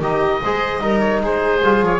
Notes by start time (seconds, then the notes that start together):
0.00 D#3 D#4 G4 D#5
0.43 G#3 G#4 C5
0.80 G3 D#4 A#4
0.99 C#5
1.20 G#3 G#4 C5
1.62 G3 F4
1.82 F3 C#5